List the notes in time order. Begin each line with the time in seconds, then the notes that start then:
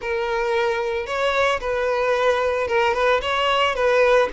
0.01 A#4
1.06 C#5
1.60 B4
2.67 A#4
2.93 B4
3.21 C#5
3.75 B4